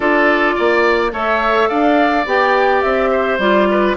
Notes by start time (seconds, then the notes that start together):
0.00 D4 F4 A4 D5
0.55 A#3 D5
1.11 A3 A4 C#5 E5
1.68 D4 D5 F5
2.26 B3 G4 G5
2.81 C4 E5
3.11 C5
3.38 G3 F4 D5
3.70 B4